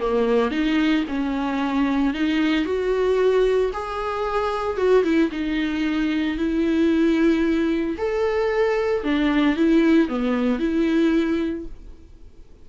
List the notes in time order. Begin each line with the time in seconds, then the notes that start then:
0.00 A#3
0.51 D#4
1.09 C#4
2.14 D#4
2.65 F#4
3.74 G#4
4.77 F#4
5.04 E4
5.32 D#4
6.38 E4
7.98 A4
9.04 D4
9.57 E4
10.09 B3
10.60 E4